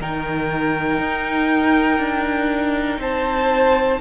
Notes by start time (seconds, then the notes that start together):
0.00 D#3 D#4 A#4 G5
0.99 D#4
1.99 D4
2.98 C4 C5 A5